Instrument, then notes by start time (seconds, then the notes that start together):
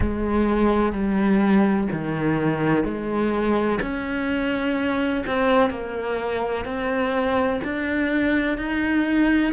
cello
0.00 G#3
0.92 G3
1.91 D#3
2.84 G#3
3.81 C#4
5.26 C4
5.69 A#3
6.65 C4
7.64 D4
8.57 D#4